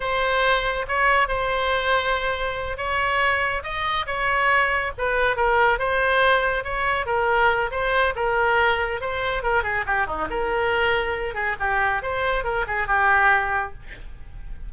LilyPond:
\new Staff \with { instrumentName = "oboe" } { \time 4/4 \tempo 4 = 140 c''2 cis''4 c''4~ | c''2~ c''8 cis''4.~ | cis''8 dis''4 cis''2 b'8~ | b'8 ais'4 c''2 cis''8~ |
cis''8 ais'4. c''4 ais'4~ | ais'4 c''4 ais'8 gis'8 g'8 dis'8 | ais'2~ ais'8 gis'8 g'4 | c''4 ais'8 gis'8 g'2 | }